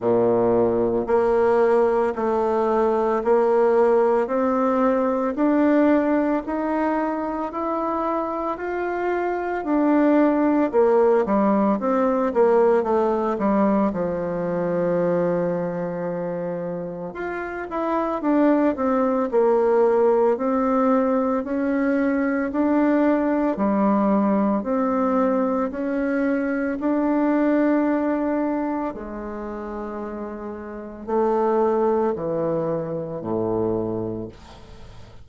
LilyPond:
\new Staff \with { instrumentName = "bassoon" } { \time 4/4 \tempo 4 = 56 ais,4 ais4 a4 ais4 | c'4 d'4 dis'4 e'4 | f'4 d'4 ais8 g8 c'8 ais8 | a8 g8 f2. |
f'8 e'8 d'8 c'8 ais4 c'4 | cis'4 d'4 g4 c'4 | cis'4 d'2 gis4~ | gis4 a4 e4 a,4 | }